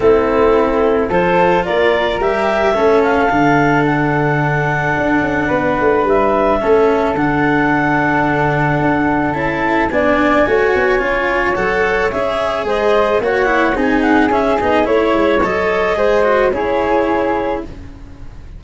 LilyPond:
<<
  \new Staff \with { instrumentName = "clarinet" } { \time 4/4 \tempo 4 = 109 a'2 c''4 d''4 | e''4. f''4. fis''4~ | fis''2. e''4~ | e''4 fis''2.~ |
fis''4 a''4 gis''2~ | gis''4 fis''4 e''4 dis''4 | fis''4 gis''8 fis''8 e''8 dis''8 cis''4 | dis''2 cis''2 | }
  \new Staff \with { instrumentName = "flute" } { \time 4/4 e'2 a'4 ais'4~ | ais'4 a'2.~ | a'2 b'2 | a'1~ |
a'2 d''4 cis''4~ | cis''2. c''4 | cis''4 gis'2 cis''4~ | cis''4 c''4 gis'2 | }
  \new Staff \with { instrumentName = "cello" } { \time 4/4 c'2 f'2 | g'4 cis'4 d'2~ | d'1 | cis'4 d'2.~ |
d'4 e'4 d'4 fis'4 | f'4 a'4 gis'2 | fis'8 e'8 dis'4 cis'8 dis'8 e'4 | a'4 gis'8 fis'8 e'2 | }
  \new Staff \with { instrumentName = "tuba" } { \time 4/4 a2 f4 ais4 | g4 a4 d2~ | d4 d'8 cis'8 b8 a8 g4 | a4 d2. |
d'4 cis'4 b4 a8 b8 | cis'4 fis4 cis'4 gis4 | ais4 c'4 cis'8 b8 a8 gis8 | fis4 gis4 cis'2 | }
>>